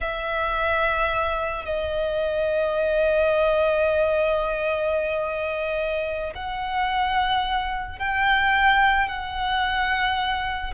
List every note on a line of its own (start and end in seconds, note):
0.01 1.65 E5
1.65 6.33 D#5
6.35 7.98 F#5
7.98 9.08 G5
9.08 10.73 F#5